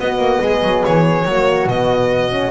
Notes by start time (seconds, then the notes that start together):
0.00 B3 F#4 D#5
0.18 A#3
0.41 G#3 G#4
0.63 F#3
0.85 E3 C#5
1.24 F#3 A#3 F#4
1.66 B2 B3 D#5
2.30 C#4